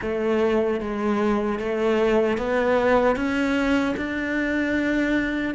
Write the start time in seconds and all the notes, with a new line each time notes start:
0.01 A3
0.80 G#3
1.59 A3
2.37 B3
3.16 C#4
3.97 D4